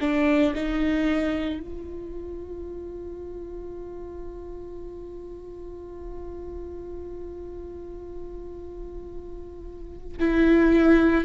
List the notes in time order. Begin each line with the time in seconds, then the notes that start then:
0.00 D4
0.55 D#4
1.60 F4
10.19 E4